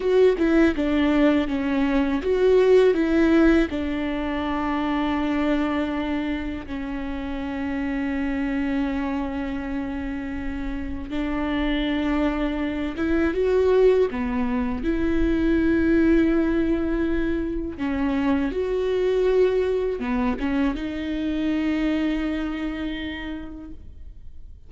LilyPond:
\new Staff \with { instrumentName = "viola" } { \time 4/4 \tempo 4 = 81 fis'8 e'8 d'4 cis'4 fis'4 | e'4 d'2.~ | d'4 cis'2.~ | cis'2. d'4~ |
d'4. e'8 fis'4 b4 | e'1 | cis'4 fis'2 b8 cis'8 | dis'1 | }